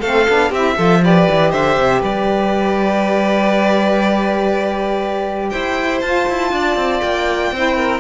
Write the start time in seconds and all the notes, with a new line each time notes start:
0.00 A3 C4 A4 F5
0.27 B3 D4
0.49 C4 E4 G4 E5
0.75 F3 F4 A4
1.01 G4 B4 D5
1.30 E3
1.50 D3 C5 E5
1.76 C3
2.00 G3 B4 D5
5.49 E4 C5 G5
6.01 F4 A5
6.28 E4
6.51 D4 D5
6.75 C4
7.01 A#3 G5
7.51 C4 E4 C5
7.76 A#4